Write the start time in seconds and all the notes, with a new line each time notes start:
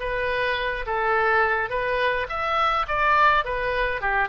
0.00 B4
0.86 A4
1.70 B4
2.29 E5
2.88 D5
3.45 B4
4.01 G4